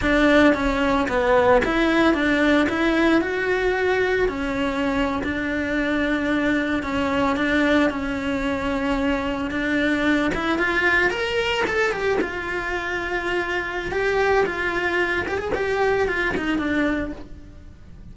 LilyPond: \new Staff \with { instrumentName = "cello" } { \time 4/4 \tempo 4 = 112 d'4 cis'4 b4 e'4 | d'4 e'4 fis'2 | cis'4.~ cis'16 d'2~ d'16~ | d'8. cis'4 d'4 cis'4~ cis'16~ |
cis'4.~ cis'16 d'4. e'8 f'16~ | f'8. ais'4 a'8 g'8 f'4~ f'16~ | f'2 g'4 f'4~ | f'8 g'16 gis'16 g'4 f'8 dis'8 d'4 | }